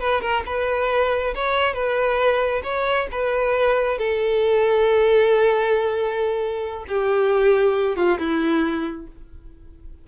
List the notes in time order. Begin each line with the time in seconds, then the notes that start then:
0.00 B4
0.21 A#4
0.46 B4
1.35 C#5
1.74 B4
2.63 C#5
3.11 B4
3.98 A4
6.88 G4
7.96 F4
8.19 E4